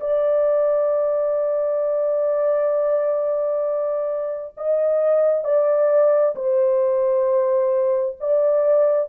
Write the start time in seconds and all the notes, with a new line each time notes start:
0.00 D5
4.57 D#5
5.44 D5
6.36 C5
8.20 D5